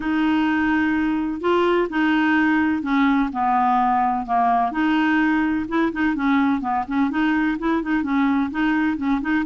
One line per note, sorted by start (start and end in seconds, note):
0.00 1.40 D#4
1.40 1.88 F4
1.89 2.82 D#4
2.82 3.29 C#4
3.32 4.26 B3
4.26 4.71 A#3
4.71 5.66 D#4
5.68 5.92 E4
5.92 6.15 D#4
6.15 6.60 C#4
6.60 6.84 B3
6.87 7.10 C#4
7.10 7.57 D#4
7.58 7.82 E4
7.82 8.03 D#4
8.03 8.50 C#4
8.50 8.97 D#4
8.97 9.21 C#4
9.21 9.44 D#4